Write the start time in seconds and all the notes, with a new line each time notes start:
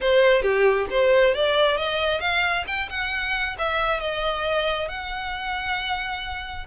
0.00 C5
0.42 G4
0.90 C5
1.34 D5
1.77 D#5
2.20 F5
2.67 G5
2.89 F#5
3.58 E5
4.00 D#5
4.88 F#5